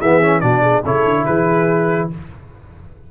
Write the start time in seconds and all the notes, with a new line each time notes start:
0.00 E3 B3 G#4 E5
0.22 C#4
0.41 B2 D4 F#4 D5
0.62 G#4
0.84 C#3 E4 A4 C#5
1.05 D3
1.26 E3 G#4 B4